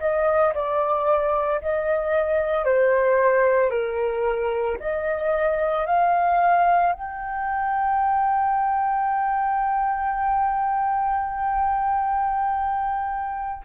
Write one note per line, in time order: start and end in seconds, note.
0.00 0.54 D#5
0.54 1.61 D5
1.61 2.65 D#5
2.65 3.70 C5
3.70 4.77 A#4
4.80 5.86 D#5
5.86 6.93 F5
6.93 13.62 G5